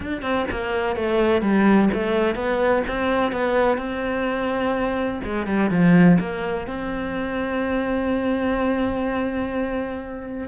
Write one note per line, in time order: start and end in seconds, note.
0.00 0.21 D4
0.21 0.45 C4
0.51 0.96 A#3
0.96 1.41 A3
1.41 1.89 G3
1.93 2.35 A3
2.35 2.82 B3
2.87 3.32 C4
3.32 3.77 B3
3.77 5.20 C4
5.23 5.46 G#3
5.46 5.70 G3
5.70 6.18 F3
6.19 6.67 A#3
6.67 10.48 C4